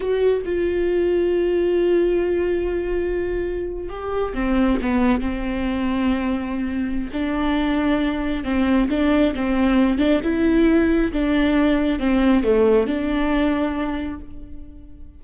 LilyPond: \new Staff \with { instrumentName = "viola" } { \time 4/4 \tempo 4 = 135 fis'4 f'2.~ | f'1~ | f'8. g'4 c'4 b4 c'16~ | c'1 |
d'2. c'4 | d'4 c'4. d'8 e'4~ | e'4 d'2 c'4 | a4 d'2. | }